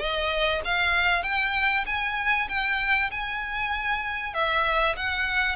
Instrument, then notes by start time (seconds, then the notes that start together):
violin
0.00 D#5
0.65 F5
1.23 G5
1.87 G#5
2.49 G5
3.12 G#5
4.34 E5
4.97 F#5